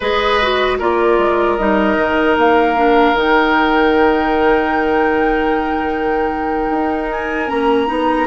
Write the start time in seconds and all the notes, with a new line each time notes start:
0.00 G#3 G#4 B4 D#5
0.41 F#4
0.78 A#3 F4 A#4 D5
1.18 G#3
1.56 G3 D#4 D#5
1.97 D#3
2.37 A#3 F5
2.76 D4
3.13 D#3 D#4 G5
6.70 D#4
7.10 G#5
7.48 A#3 C#4 A#5
7.86 B3 D#4